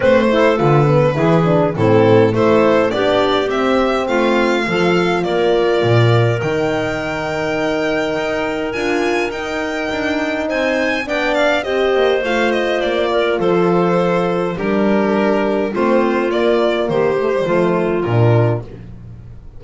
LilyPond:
<<
  \new Staff \with { instrumentName = "violin" } { \time 4/4 \tempo 4 = 103 c''4 b'2 a'4 | c''4 d''4 e''4 f''4~ | f''4 d''2 g''4~ | g''2. gis''4 |
g''2 gis''4 g''8 f''8 | dis''4 f''8 dis''8 d''4 c''4~ | c''4 ais'2 c''4 | d''4 c''2 ais'4 | }
  \new Staff \with { instrumentName = "clarinet" } { \time 4/4 b'8 a'4. gis'4 e'4 | a'4 g'2 f'4 | a'4 ais'2.~ | ais'1~ |
ais'2 c''4 d''4 | c''2~ c''8 ais'8 a'4~ | a'4 g'2 f'4~ | f'4 g'4 f'2 | }
  \new Staff \with { instrumentName = "horn" } { \time 4/4 c'8 e'8 f'8 b8 e'8 d'8 c'4 | e'4 d'4 c'2 | f'2. dis'4~ | dis'2. f'4 |
dis'2. d'4 | g'4 f'2.~ | f'4 d'2 c'4 | ais4. a16 g16 a4 d'4 | }
  \new Staff \with { instrumentName = "double bass" } { \time 4/4 a4 d4 e4 a,4 | a4 b4 c'4 a4 | f4 ais4 ais,4 dis4~ | dis2 dis'4 d'4 |
dis'4 d'4 c'4 b4 | c'8 ais8 a4 ais4 f4~ | f4 g2 a4 | ais4 dis4 f4 ais,4 | }
>>